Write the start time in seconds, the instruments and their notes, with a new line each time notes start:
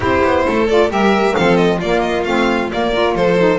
0.00 double bass C4, saxophone E4, violin G4 C5
0.23 double bass B3
0.46 double bass A3, violin A4
0.67 saxophone F4, violin D5
0.89 double bass G3, saxophone G4, violin A#4 E5
1.35 double bass F3, saxophone C4, violin A4 F5
1.56 violin D#5
1.77 double bass A#3, saxophone A#3, violin F4 D5
2.00 violin D#5
2.24 double bass A3, saxophone C4, violin F5
2.70 saxophone A#3, double bass A#3, violin D5
2.91 saxophone F4, violin A#4
3.15 double bass F3, violin A4 C5
3.38 saxophone D#4